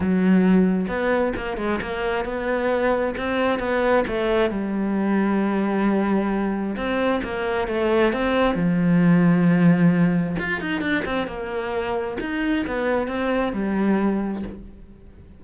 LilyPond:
\new Staff \with { instrumentName = "cello" } { \time 4/4 \tempo 4 = 133 fis2 b4 ais8 gis8 | ais4 b2 c'4 | b4 a4 g2~ | g2. c'4 |
ais4 a4 c'4 f4~ | f2. f'8 dis'8 | d'8 c'8 ais2 dis'4 | b4 c'4 g2 | }